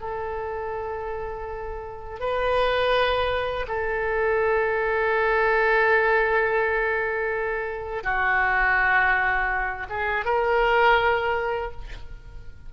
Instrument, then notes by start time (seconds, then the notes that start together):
oboe
0.00 A4
2.20 B4
3.68 A4
8.03 F#4
9.89 G#4
10.25 A#4